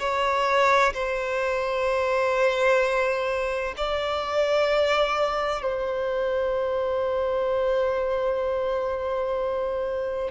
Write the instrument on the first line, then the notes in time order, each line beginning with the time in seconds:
violin
0.00 C#5
0.94 C5
3.78 D5
5.63 C5